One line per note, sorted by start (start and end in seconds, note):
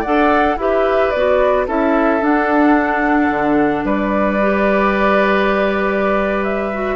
0.00 0.58 A4
0.00 0.55 D5
0.00 0.58 F#5
0.06 0.56 D4
0.56 1.11 E4
0.56 1.13 G4
0.56 1.67 B4
0.56 1.10 E5
1.10 1.67 B3
1.10 1.67 F#4
1.10 1.65 D5
1.67 2.21 C#4
1.67 2.20 E4
1.67 3.85 A4
1.67 2.23 E5
2.20 4.38 D4
2.20 3.30 D4
2.20 3.85 F#5
3.30 3.84 D3
3.84 6.96 G3
3.84 6.96 B4
3.84 6.44 D5
4.41 6.73 G4
6.44 6.96 E5
6.73 6.96 F#4